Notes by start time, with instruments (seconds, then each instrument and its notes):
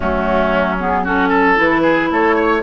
0.00 bassoon F#3, clarinet A3, oboe C#4, flute F#4
0.78 clarinet B3, flute G#4
1.04 clarinet C#4, oboe F#4, flute A4
1.28 oboe A4
1.56 bassoon E3, clarinet E4, flute B4
1.82 oboe G#4
2.10 bassoon A3, oboe A4, flute C#5
2.35 oboe C#5